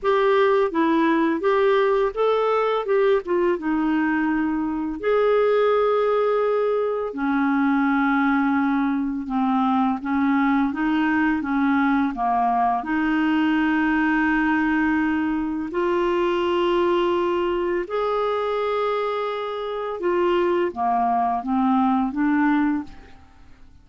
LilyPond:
\new Staff \with { instrumentName = "clarinet" } { \time 4/4 \tempo 4 = 84 g'4 e'4 g'4 a'4 | g'8 f'8 dis'2 gis'4~ | gis'2 cis'2~ | cis'4 c'4 cis'4 dis'4 |
cis'4 ais4 dis'2~ | dis'2 f'2~ | f'4 gis'2. | f'4 ais4 c'4 d'4 | }